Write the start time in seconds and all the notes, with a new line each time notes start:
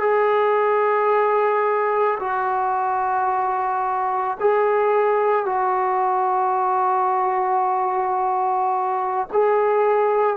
0.00 G#4
2.20 F#4
4.40 G#4
5.45 F#4
9.32 G#4